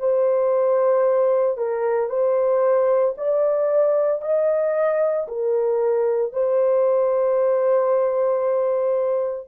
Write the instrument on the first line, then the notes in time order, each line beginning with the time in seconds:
horn
0.00 C5
1.58 A#4
2.10 C5
3.18 D5
4.22 D#5
5.28 A#4
6.33 C5